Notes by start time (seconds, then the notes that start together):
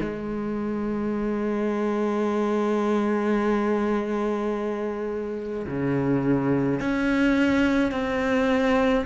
0.00 G#3
5.67 C#3
6.80 C#4
7.91 C4